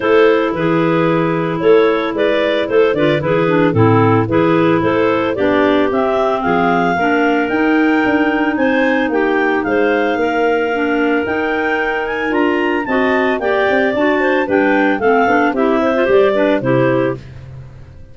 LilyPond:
<<
  \new Staff \with { instrumentName = "clarinet" } { \time 4/4 \tempo 4 = 112 c''4 b'2 cis''4 | d''4 c''8 d''8 b'4 a'4 | b'4 c''4 d''4 e''4 | f''2 g''2 |
gis''4 g''4 f''2~ | f''4 g''4. gis''8 ais''4 | a''4 g''4 a''4 g''4 | f''4 e''4 d''4 c''4 | }
  \new Staff \with { instrumentName = "clarinet" } { \time 4/4 a'4 gis'2 a'4 | b'4 a'8 b'8 gis'4 e'4 | gis'4 a'4 g'2 | gis'4 ais'2. |
c''4 g'4 c''4 ais'4~ | ais'1 | dis''4 d''4. c''8 b'4 | a'4 g'8 c''4 b'8 g'4 | }
  \new Staff \with { instrumentName = "clarinet" } { \time 4/4 e'1~ | e'4. f'8 e'8 d'8 c'4 | e'2 d'4 c'4~ | c'4 d'4 dis'2~ |
dis'1 | d'4 dis'2 f'4 | fis'4 g'4 fis'4 d'4 | c'8 d'8 e'8. f'16 g'8 d'8 e'4 | }
  \new Staff \with { instrumentName = "tuba" } { \time 4/4 a4 e2 a4 | gis4 a8 d8 e4 a,4 | e4 a4 b4 c'4 | f4 ais4 dis'4 d'4 |
c'4 ais4 gis4 ais4~ | ais4 dis'2 d'4 | c'4 ais8 c'8 d'4 g4 | a8 b8 c'4 g4 c4 | }
>>